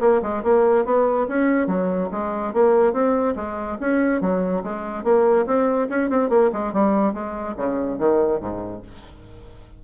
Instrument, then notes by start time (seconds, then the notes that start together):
bassoon
0.00 A#3
0.22 G#3
0.43 A#3
0.85 B3
1.28 C#4
1.66 F#3
2.11 G#3
2.53 A#3
2.92 C4
3.35 G#3
3.80 C#4
4.21 F#3
4.63 G#3
5.03 A#3
5.46 C4
5.89 C#4
6.09 C4
6.29 A#3
6.52 G#3
6.73 G3
7.13 G#3
7.56 C#3
7.98 D#3
8.40 G#2